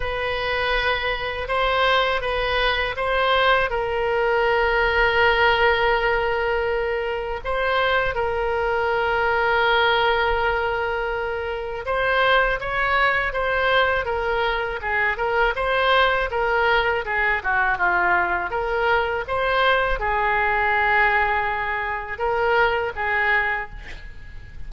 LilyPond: \new Staff \with { instrumentName = "oboe" } { \time 4/4 \tempo 4 = 81 b'2 c''4 b'4 | c''4 ais'2.~ | ais'2 c''4 ais'4~ | ais'1 |
c''4 cis''4 c''4 ais'4 | gis'8 ais'8 c''4 ais'4 gis'8 fis'8 | f'4 ais'4 c''4 gis'4~ | gis'2 ais'4 gis'4 | }